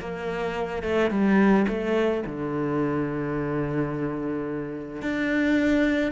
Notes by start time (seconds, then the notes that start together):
0.00 A#3
0.83 A3
1.11 G3
1.68 A3
2.26 D3
5.02 D4